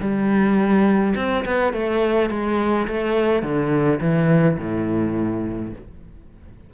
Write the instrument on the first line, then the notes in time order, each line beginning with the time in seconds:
cello
0.00 G3
1.16 C4
1.45 B3
1.73 A3
2.30 G#3
2.87 A3
3.43 D3
4.01 E3
4.58 A2